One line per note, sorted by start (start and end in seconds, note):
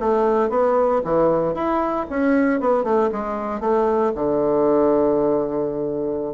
0.00 0.50 A3
0.50 1.02 B3
1.05 1.54 E3
1.54 2.06 E4
2.10 2.61 C#4
2.61 2.84 B3
2.84 3.10 A3
3.12 3.61 G#3
3.61 4.12 A3
4.15 6.35 D3